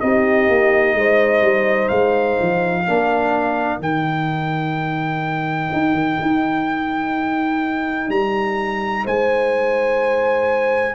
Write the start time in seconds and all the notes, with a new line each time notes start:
0.00 C4 D#4 G4 D#5
0.48 A#3
0.94 G#3 C5
1.42 G3
1.88 G#3 F5
2.41 F3
2.85 A#3 D4 A#4
3.79 D#3 D#4 G5
5.73 D#4
5.93 D#3
6.21 D#4
8.09 G3 A#5
9.04 G#3 C5 G#5